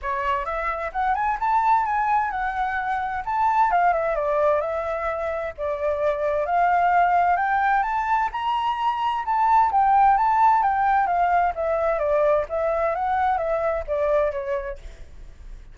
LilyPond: \new Staff \with { instrumentName = "flute" } { \time 4/4 \tempo 4 = 130 cis''4 e''4 fis''8 gis''8 a''4 | gis''4 fis''2 a''4 | f''8 e''8 d''4 e''2 | d''2 f''2 |
g''4 a''4 ais''2 | a''4 g''4 a''4 g''4 | f''4 e''4 d''4 e''4 | fis''4 e''4 d''4 cis''4 | }